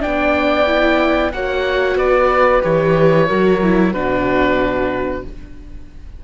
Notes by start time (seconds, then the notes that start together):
0.00 B3 D4 D5 G5
0.67 E4
1.32 A#3 F#4 C#5 F#5
1.96 B3 B4 D5
2.63 E3 G4 C#5
3.27 F#3 F#4 A#4
3.62 E4
3.93 B2 D4 F#4 B4